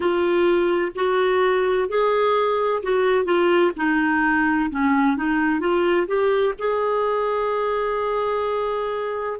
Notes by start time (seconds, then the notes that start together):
0.00 F4
0.95 F#4
1.88 G#4
2.82 F#4
3.24 F4
3.76 D#4
4.70 C#4
5.16 D#4
5.60 F4
6.07 G4
6.58 G#4